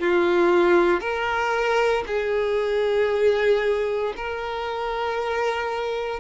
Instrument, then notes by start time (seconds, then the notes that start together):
violin
0.00 F4
1.00 A#4
2.07 G#4
4.17 A#4